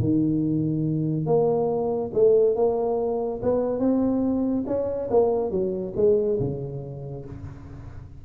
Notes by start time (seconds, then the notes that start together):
0.00 D#3
1.26 A#3
2.14 A3
2.56 A#3
3.43 B3
3.79 C4
4.67 C#4
5.11 A#3
5.51 F#3
5.97 G#3
6.40 C#3